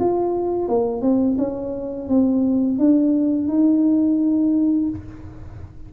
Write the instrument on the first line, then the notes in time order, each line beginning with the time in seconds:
tuba
0.00 F4
0.69 A#3
1.02 C4
1.39 C#4
2.09 C4
2.79 D4
3.48 D#4